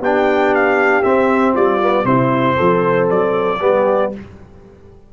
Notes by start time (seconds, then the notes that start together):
0.00 B3 D4 G4 G5
0.55 F5
1.03 C4 E5
1.54 G3 F4 D5
1.83 B3
2.05 C3 C4 E4 C5
2.56 F3 A4
3.10 F#3 D5
3.60 G3 B3 G4